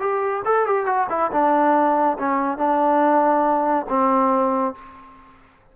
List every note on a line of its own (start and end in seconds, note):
0.00 0.43 G4
0.45 0.66 A4
0.66 0.86 G4
0.86 1.07 F#4
1.10 1.31 E4
1.32 2.18 D4
2.19 2.58 C#4
2.58 3.86 D4
3.89 4.75 C4